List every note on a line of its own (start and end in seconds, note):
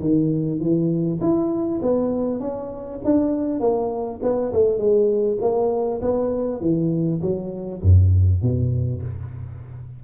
0.00 0.59 D#3
0.59 1.19 E3
1.20 1.80 E4
1.82 2.40 B3
2.40 3.00 C#4
3.04 3.59 D4
3.59 4.19 A#3
4.22 4.52 B3
4.52 4.78 A3
4.78 5.38 G#3
5.40 6.00 A#3
6.01 6.60 B3
6.60 7.20 E3
7.21 7.81 F#3
7.82 8.42 F#2
8.42 9.02 B2